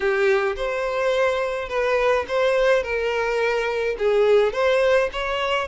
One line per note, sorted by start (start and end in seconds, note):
0.00 0.55 G4
0.55 1.68 C5
1.68 2.25 B4
2.27 2.83 C5
2.83 3.96 A#4
3.98 4.53 G#4
4.53 5.09 C5
5.12 5.67 C#5